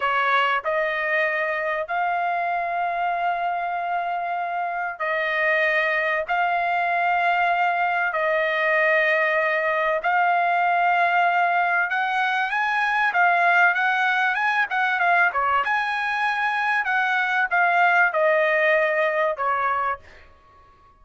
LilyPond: \new Staff \with { instrumentName = "trumpet" } { \time 4/4 \tempo 4 = 96 cis''4 dis''2 f''4~ | f''1 | dis''2 f''2~ | f''4 dis''2. |
f''2. fis''4 | gis''4 f''4 fis''4 gis''8 fis''8 | f''8 cis''8 gis''2 fis''4 | f''4 dis''2 cis''4 | }